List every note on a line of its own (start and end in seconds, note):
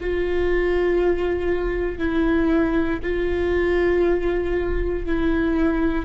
0.00 1.98 F4
1.98 3.00 E4
3.02 5.06 F4
5.06 6.05 E4